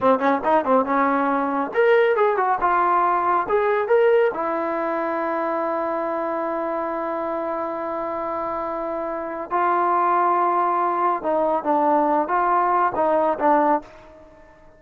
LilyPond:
\new Staff \with { instrumentName = "trombone" } { \time 4/4 \tempo 4 = 139 c'8 cis'8 dis'8 c'8 cis'2 | ais'4 gis'8 fis'8 f'2 | gis'4 ais'4 e'2~ | e'1~ |
e'1~ | e'2 f'2~ | f'2 dis'4 d'4~ | d'8 f'4. dis'4 d'4 | }